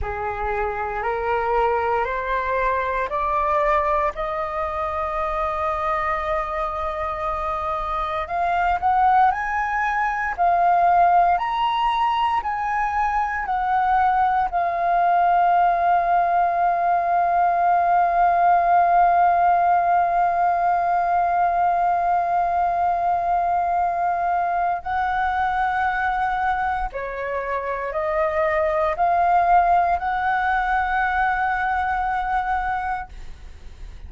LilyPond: \new Staff \with { instrumentName = "flute" } { \time 4/4 \tempo 4 = 58 gis'4 ais'4 c''4 d''4 | dis''1 | f''8 fis''8 gis''4 f''4 ais''4 | gis''4 fis''4 f''2~ |
f''1~ | f''1 | fis''2 cis''4 dis''4 | f''4 fis''2. | }